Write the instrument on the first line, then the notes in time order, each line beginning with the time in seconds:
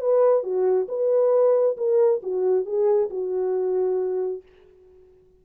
horn
0.00 B4
0.43 F#4
0.88 B4
1.77 A#4
2.23 F#4
2.65 G#4
3.10 F#4